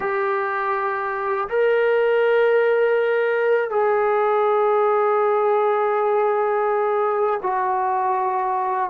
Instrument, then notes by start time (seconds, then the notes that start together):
trombone
0.00 G4
1.48 A#4
3.69 G#4
7.42 F#4